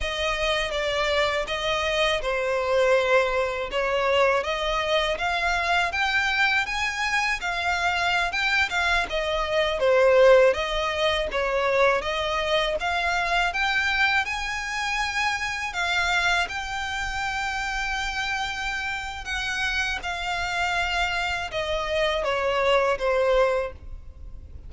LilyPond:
\new Staff \with { instrumentName = "violin" } { \time 4/4 \tempo 4 = 81 dis''4 d''4 dis''4 c''4~ | c''4 cis''4 dis''4 f''4 | g''4 gis''4 f''4~ f''16 g''8 f''16~ | f''16 dis''4 c''4 dis''4 cis''8.~ |
cis''16 dis''4 f''4 g''4 gis''8.~ | gis''4~ gis''16 f''4 g''4.~ g''16~ | g''2 fis''4 f''4~ | f''4 dis''4 cis''4 c''4 | }